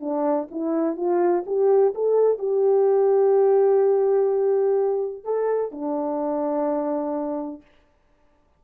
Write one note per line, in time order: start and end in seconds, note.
0.00 0.48 D4
0.51 0.97 E4
0.97 1.44 F4
1.46 1.94 G4
1.95 2.39 A4
2.39 5.24 G4
5.24 5.71 A4
5.71 7.62 D4